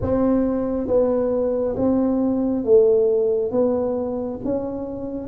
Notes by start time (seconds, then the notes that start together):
0.01 C4
0.87 B3
1.76 C4
2.64 A3
3.51 B3
4.44 C#4